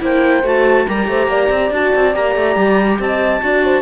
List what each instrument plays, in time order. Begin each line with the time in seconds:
0.00 cello A#3, viola E4, horn C5, clarinet G5
0.44 cello A3, viola F#4, clarinet A5
0.87 cello G3, viola G4, horn A#4, clarinet A#5
1.08 cello A3, horn C5
1.27 cello A#3, horn D5
1.50 cello C4
1.71 cello D4, viola F#4, clarinet A5
1.96 cello C4
2.14 cello A#3, viola G4, clarinet A#5
2.36 cello A3
2.56 cello G3
3.00 cello C4, horn D#5, clarinet A5
3.42 cello D4, viola F#4, horn D5
3.65 horn C5